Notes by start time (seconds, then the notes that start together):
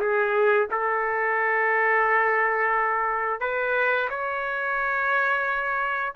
0.00 G#4
0.71 A4
3.41 B4
4.10 C#5